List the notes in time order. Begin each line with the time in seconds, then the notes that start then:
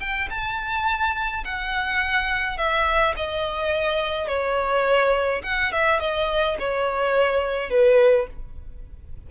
0.00 G5
0.30 A5
1.45 F#5
2.58 E5
3.16 D#5
4.28 C#5
5.43 F#5
5.72 E5
6.00 D#5
6.59 C#5
7.70 B4